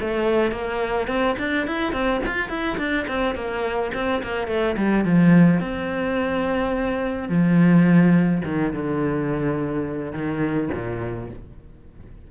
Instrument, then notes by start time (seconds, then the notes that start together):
cello
0.00 A3
0.52 A#3
1.07 C4
1.39 D4
1.67 E4
1.93 C4
2.26 F4
2.49 E4
2.78 D4
3.08 C4
3.35 A#3
3.94 C4
4.23 A#3
4.48 A3
4.77 G3
5.05 F3
5.60 C4
7.29 F3
8.45 D#3
8.73 D3
10.13 D#3
10.73 A#2